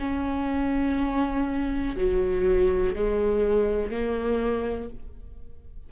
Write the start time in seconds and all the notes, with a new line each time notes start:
0.00 C#4
1.97 F#3
2.96 G#3
3.91 A#3